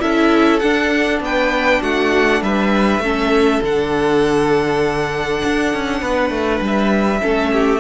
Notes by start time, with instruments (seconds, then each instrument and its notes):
0.00 cello C#4, viola E4, violin A4 E5
0.59 cello D4, viola D4, violin F#5
1.20 cello B3, violin B4 G5
1.81 cello A3, violin F#4 F#5
2.42 cello G3, violin B4 E5
2.99 cello A3, viola C#4, violin A4
3.63 cello D3, viola D4, violin F#5
5.45 cello D4
5.73 cello C#4
6.01 cello B3, violin B4
6.30 cello A3
6.61 cello G3, violin E5
7.21 cello A3, viola C#4, violin A4
7.53 violin G4